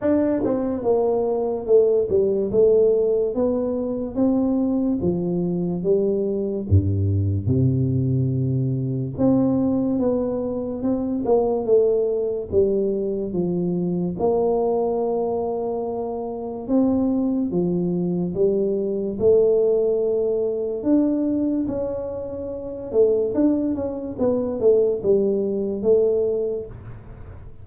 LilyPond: \new Staff \with { instrumentName = "tuba" } { \time 4/4 \tempo 4 = 72 d'8 c'8 ais4 a8 g8 a4 | b4 c'4 f4 g4 | g,4 c2 c'4 | b4 c'8 ais8 a4 g4 |
f4 ais2. | c'4 f4 g4 a4~ | a4 d'4 cis'4. a8 | d'8 cis'8 b8 a8 g4 a4 | }